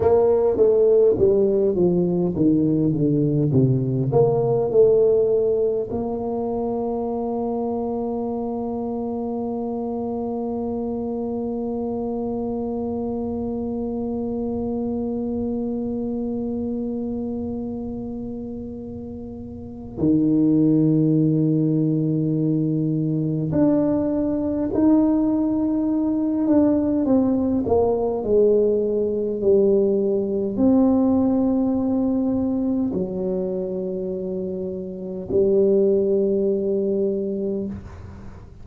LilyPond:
\new Staff \with { instrumentName = "tuba" } { \time 4/4 \tempo 4 = 51 ais8 a8 g8 f8 dis8 d8 c8 ais8 | a4 ais2.~ | ais1~ | ais1~ |
ais4 dis2. | d'4 dis'4. d'8 c'8 ais8 | gis4 g4 c'2 | fis2 g2 | }